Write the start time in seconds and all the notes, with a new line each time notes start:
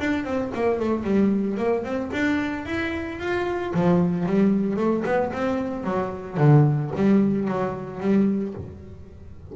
0.00 D4
0.24 C4
0.55 A#3
0.80 A3
1.04 G3
1.57 A#3
1.84 C4
2.12 D4
2.66 E4
3.19 F4
3.74 F3
4.26 G3
4.77 A3
5.05 B3
5.33 C4
5.84 F#3
6.37 D3
6.95 G3
7.48 F#3
8.00 G3